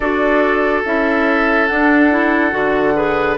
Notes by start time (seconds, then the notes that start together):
0.00 D4 F#4 A4 D5
0.85 C#4 E4 E5
1.67 D4 F#5
2.10 E4
2.51 D3 F#4
2.94 G#4 B4